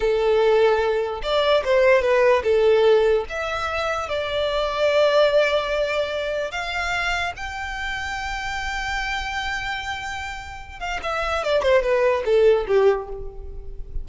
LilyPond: \new Staff \with { instrumentName = "violin" } { \time 4/4 \tempo 4 = 147 a'2. d''4 | c''4 b'4 a'2 | e''2 d''2~ | d''1 |
f''2 g''2~ | g''1~ | g''2~ g''8 f''8 e''4 | d''8 c''8 b'4 a'4 g'4 | }